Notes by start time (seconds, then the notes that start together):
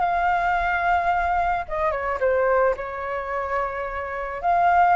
0.00 F5
1.68 D#5
1.91 C#5
2.20 C5
2.77 C#5
4.42 F5